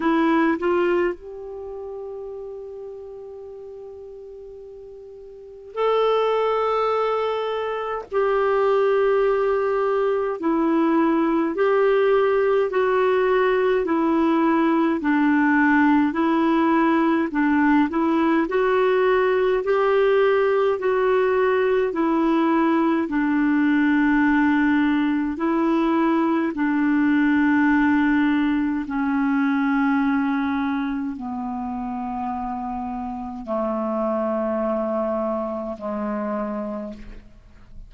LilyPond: \new Staff \with { instrumentName = "clarinet" } { \time 4/4 \tempo 4 = 52 e'8 f'8 g'2.~ | g'4 a'2 g'4~ | g'4 e'4 g'4 fis'4 | e'4 d'4 e'4 d'8 e'8 |
fis'4 g'4 fis'4 e'4 | d'2 e'4 d'4~ | d'4 cis'2 b4~ | b4 a2 gis4 | }